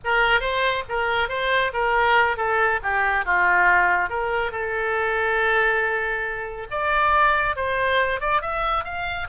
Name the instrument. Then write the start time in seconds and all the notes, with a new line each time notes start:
oboe
0.04 A#4
0.40 C5
0.88 A#4
1.28 C5
1.73 A#4
2.36 A4
2.83 G4
3.25 F4
4.09 A#4
4.51 A4
6.71 D5
7.56 C5
8.20 D5
8.41 E5
8.84 F5